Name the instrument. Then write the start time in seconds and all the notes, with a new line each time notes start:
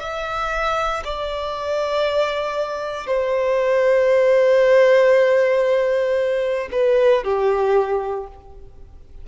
violin
0.00 E5
1.05 D5
3.07 C5
6.72 B4
7.24 G4